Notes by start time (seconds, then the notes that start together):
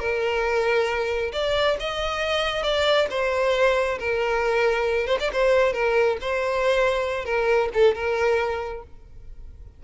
0.00 A#4
1.33 D5
1.80 D#5
2.63 D5
3.11 C5
3.99 A#4
5.07 C5
5.20 D5
5.33 C5
5.74 A#4
6.21 C5
7.25 A#4
7.74 A4
7.95 A#4